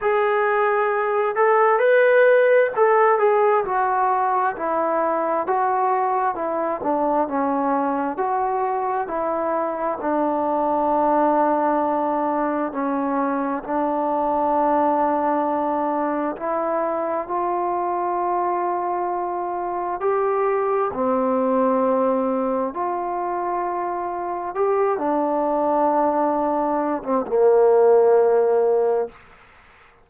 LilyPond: \new Staff \with { instrumentName = "trombone" } { \time 4/4 \tempo 4 = 66 gis'4. a'8 b'4 a'8 gis'8 | fis'4 e'4 fis'4 e'8 d'8 | cis'4 fis'4 e'4 d'4~ | d'2 cis'4 d'4~ |
d'2 e'4 f'4~ | f'2 g'4 c'4~ | c'4 f'2 g'8 d'8~ | d'4.~ d'16 c'16 ais2 | }